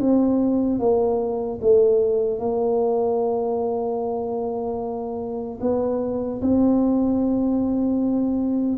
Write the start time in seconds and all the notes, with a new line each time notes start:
0.00 C4
0.79 A#3
1.61 A3
2.39 A#3
5.61 B3
6.41 C4